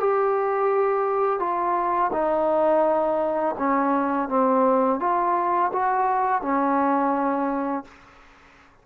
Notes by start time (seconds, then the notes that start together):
0.00 G4
1.40 F4
2.13 D#4
3.58 C#4
4.29 C4
5.00 F4
5.73 F#4
6.42 C#4